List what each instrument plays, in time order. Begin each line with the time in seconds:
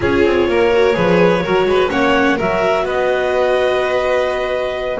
0.00 double bass C#4, viola F4, violin G#4, clarinet C#5
0.25 double bass C4
0.48 double bass A#3, violin A#4
0.73 viola F#4
0.93 double bass F3, viola G#4, violin B4
1.43 double bass F#3, viola F#4, violin A#4
1.65 double bass G#3, violin B4
1.89 double bass A#3, viola C#4, violin C#5, clarinet F#5
2.36 double bass F#3, viola F#4, violin A#4, clarinet E5
2.83 double bass B3, violin B4, clarinet D#5